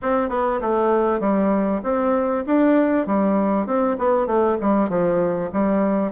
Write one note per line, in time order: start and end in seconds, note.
0.02 0.29 C4
0.29 0.60 B3
0.61 1.20 A3
1.20 1.81 G3
1.83 2.44 C4
2.46 3.06 D4
3.06 3.66 G3
3.66 3.97 C4
3.98 4.26 B3
4.26 4.57 A3
4.61 4.89 G3
4.89 5.50 F3
5.52 6.12 G3